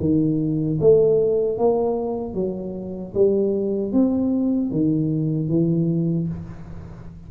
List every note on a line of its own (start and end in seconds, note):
0.00 0.79 D#3
0.80 1.58 A3
1.58 2.34 A#3
2.34 3.13 F#3
3.15 3.93 G3
3.93 4.71 C4
4.71 5.49 D#3
5.49 6.28 E3